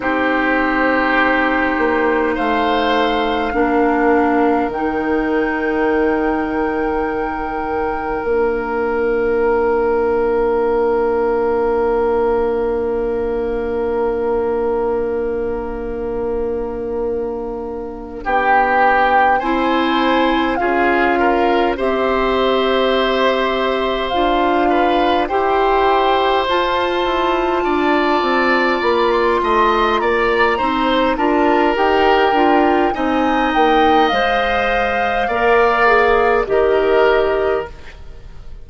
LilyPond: <<
  \new Staff \with { instrumentName = "flute" } { \time 4/4 \tempo 4 = 51 c''2 f''2 | g''2. f''4~ | f''1~ | f''2.~ f''8 g''8~ |
g''8 gis''4 f''4 e''4.~ | e''8 f''4 g''4 a''4.~ | a''8 b''16 c'''8. ais''4 a''8 g''4 | gis''8 g''8 f''2 dis''4 | }
  \new Staff \with { instrumentName = "oboe" } { \time 4/4 g'2 c''4 ais'4~ | ais'1~ | ais'1~ | ais'2.~ ais'8 g'8~ |
g'8 c''4 gis'8 ais'8 c''4.~ | c''4 b'8 c''2 d''8~ | d''4 dis''8 d''8 c''8 ais'4. | dis''2 d''4 ais'4 | }
  \new Staff \with { instrumentName = "clarinet" } { \time 4/4 dis'2. d'4 | dis'2. d'4~ | d'1~ | d'1~ |
d'8 e'4 f'4 g'4.~ | g'8 f'4 g'4 f'4.~ | f'2 dis'8 f'8 g'8 f'8 | dis'4 c''4 ais'8 gis'8 g'4 | }
  \new Staff \with { instrumentName = "bassoon" } { \time 4/4 c'4. ais8 a4 ais4 | dis2. ais4~ | ais1~ | ais2.~ ais8 b8~ |
b8 c'4 cis'4 c'4.~ | c'8 d'4 e'4 f'8 e'8 d'8 | c'8 ais8 a8 ais8 c'8 d'8 dis'8 d'8 | c'8 ais8 gis4 ais4 dis4 | }
>>